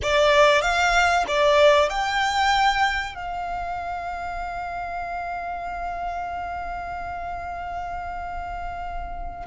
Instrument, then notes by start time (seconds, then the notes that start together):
violin
0.02 D5
0.61 F5
1.27 D5
1.89 G5
3.14 F5